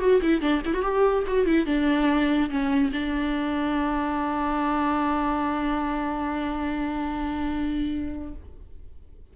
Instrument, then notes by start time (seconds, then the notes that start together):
viola
0.00 F#4
0.22 E4
0.41 D4
0.65 E4
0.74 F#4
0.82 G4
1.27 F#4
1.46 E4
1.66 D4
2.50 C#4
2.92 D4